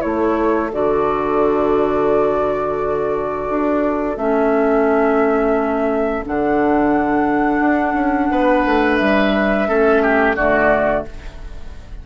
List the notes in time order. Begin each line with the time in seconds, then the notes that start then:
0.00 A3 E4 A4 C#5
0.72 D3 F#4 D5
3.50 D4
4.17 A3 C#4 E5
6.23 D3 D4 F#5
7.60 D4
7.94 C#4
8.31 B3 B4
8.65 A3
8.97 G3 E5
9.67 A3 C#4 A4
10.02 G4
10.36 D3 A3 F#4 D5